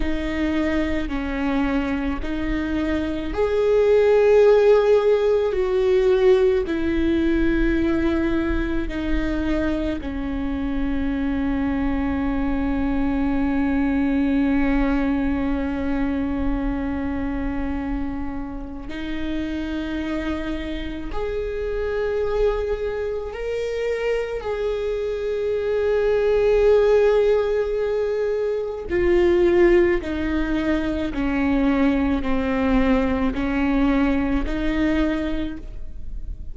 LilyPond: \new Staff \with { instrumentName = "viola" } { \time 4/4 \tempo 4 = 54 dis'4 cis'4 dis'4 gis'4~ | gis'4 fis'4 e'2 | dis'4 cis'2.~ | cis'1~ |
cis'4 dis'2 gis'4~ | gis'4 ais'4 gis'2~ | gis'2 f'4 dis'4 | cis'4 c'4 cis'4 dis'4 | }